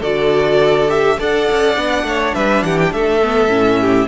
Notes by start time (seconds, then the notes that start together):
0.00 D3 F#4 A4 D5
0.88 G4 E5
1.19 D4 A4 D5 F#5
1.51 C#4
1.75 B3 D4
2.03 A3 C#5
2.34 G3 B4 E5
2.63 E3 G4 F#5
2.78 G5
2.92 A3 A4 E5
3.22 B3
3.48 A2 C#4
3.81 G4